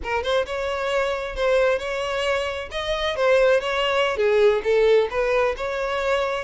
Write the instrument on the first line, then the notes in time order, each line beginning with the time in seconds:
violin
0.03 A#4
0.23 C5
0.46 C#5
1.35 C5
1.79 C#5
2.71 D#5
3.16 C5
3.60 C#5
4.16 G#4
4.63 A4
5.10 B4
5.57 C#5